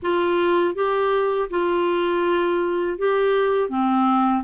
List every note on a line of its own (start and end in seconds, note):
0.02 0.74 F4
0.74 1.48 G4
1.50 2.98 F4
2.98 3.69 G4
3.69 4.43 C4